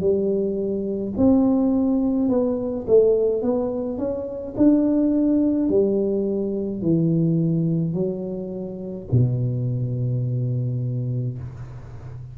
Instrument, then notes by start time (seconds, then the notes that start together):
tuba
0.00 G3
1.17 C4
2.29 B3
2.88 A3
3.42 B3
3.98 C#4
4.57 D4
5.69 G3
6.82 E3
7.94 F#3
9.12 B2